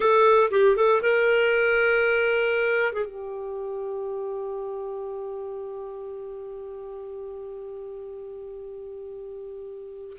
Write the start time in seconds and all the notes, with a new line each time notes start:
0.00 A4
0.50 G4
0.76 A4
1.02 A#4
2.92 G#4
3.04 G4